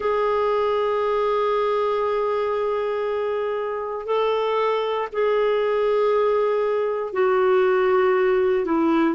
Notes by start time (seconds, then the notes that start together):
0.00 G#4
4.06 A4
5.12 G#4
7.12 F#4
8.65 E4